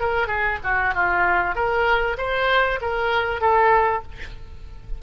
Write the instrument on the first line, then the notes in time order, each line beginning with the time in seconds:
oboe
0.00 A#4
0.27 G#4
0.64 F#4
0.94 F4
1.55 A#4
2.18 C5
2.81 A#4
3.41 A4